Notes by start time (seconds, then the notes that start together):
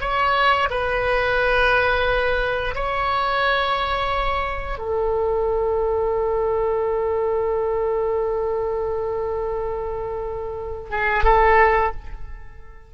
0.00 C#5
0.70 B4
2.75 C#5
4.78 A4
10.90 G#4
11.23 A4